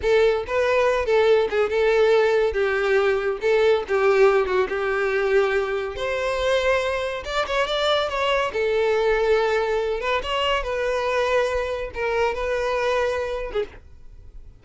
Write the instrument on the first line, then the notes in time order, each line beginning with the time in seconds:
violin
0.02 A4
0.47 B4
1.05 A4
1.50 G#4
1.69 A4
2.52 G4
3.41 A4
3.87 G4
4.46 F#4
4.68 G4
5.96 C5
7.24 D5
7.46 C#5
7.67 D5
8.09 C#5
8.52 A4
10.00 B4
10.22 C#5
10.63 B4
11.94 A#4
12.34 B4
13.53 G#4